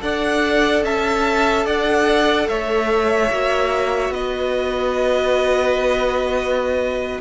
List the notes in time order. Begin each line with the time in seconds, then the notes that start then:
0.00 D4 A4 D5 F#5
0.83 C#4 E5 A5
1.65 D4 D5 F#5
2.48 A3 C#5 E5
3.31 A#3 F#4
4.09 B3 B4 D#5